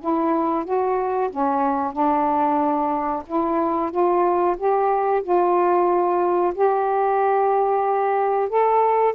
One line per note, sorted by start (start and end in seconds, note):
0.00 0.65 E4
0.65 1.30 F#4
1.30 1.92 C#4
1.92 3.23 D4
3.26 3.91 E4
3.91 4.56 F4
4.57 5.23 G4
5.23 6.53 F4
6.55 8.49 G4
8.49 9.14 A4